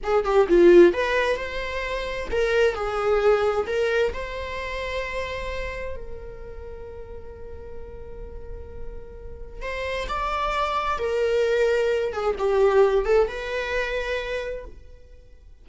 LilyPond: \new Staff \with { instrumentName = "viola" } { \time 4/4 \tempo 4 = 131 gis'8 g'8 f'4 b'4 c''4~ | c''4 ais'4 gis'2 | ais'4 c''2.~ | c''4 ais'2.~ |
ais'1~ | ais'4 c''4 d''2 | ais'2~ ais'8 gis'8 g'4~ | g'8 a'8 b'2. | }